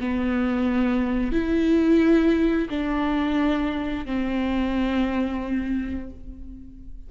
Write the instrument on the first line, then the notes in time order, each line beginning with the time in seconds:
viola
0.00 B3
1.32 E4
2.70 D4
4.06 C4